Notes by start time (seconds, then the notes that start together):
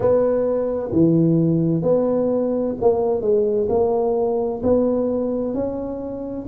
0.00 B3
0.91 E3
1.82 B3
2.81 A#3
3.21 G#3
3.69 A#3
4.62 B3
5.54 C#4